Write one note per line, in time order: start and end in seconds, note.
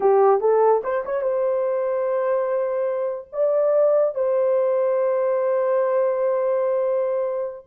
0.00 0.40 G4
0.40 0.81 A4
0.83 1.04 C5
1.05 1.21 C#5
1.21 3.28 C5
3.32 4.14 D5
4.14 7.66 C5